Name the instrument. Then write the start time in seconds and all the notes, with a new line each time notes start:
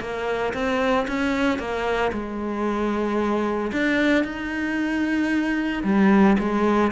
cello
0.00 A#3
0.53 C4
1.07 C#4
1.58 A#3
2.12 G#3
3.72 D4
4.24 D#4
5.84 G3
6.38 G#3